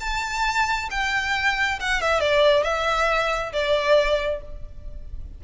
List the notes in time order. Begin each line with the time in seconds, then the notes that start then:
0.00 A5
0.90 G5
1.80 F#5
2.01 E5
2.20 D5
2.63 E5
3.52 D5